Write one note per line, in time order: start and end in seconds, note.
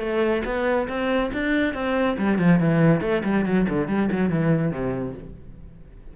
0.00 0.43 A3
0.45 0.88 B3
0.89 1.31 C4
1.34 1.74 D4
1.74 2.17 C4
2.19 2.39 G3
2.39 2.60 F3
2.60 3.01 E3
3.01 3.23 A3
3.24 3.46 G3
3.46 3.67 F#3
3.69 3.88 D3
3.88 4.10 G3
4.12 4.30 F#3
4.30 4.72 E3
4.72 5.14 C3